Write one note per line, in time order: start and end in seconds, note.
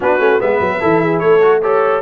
0.00 0.19 B3
0.00 0.19 D4
0.00 0.41 F#4
0.00 0.41 B4
0.19 0.39 A3
0.19 0.39 C#4
0.39 0.60 G#3
0.39 0.80 B3
0.39 0.81 B4
0.39 1.19 E5
0.60 0.80 F#3
0.80 1.22 E3
0.80 1.40 E4
0.80 1.01 A4
1.01 1.20 G#4
1.19 2.02 A3
1.19 1.61 A4
1.19 1.59 C#5
1.41 1.61 F#4
1.62 2.02 G4
1.62 2.02 A4
1.62 2.02 C#5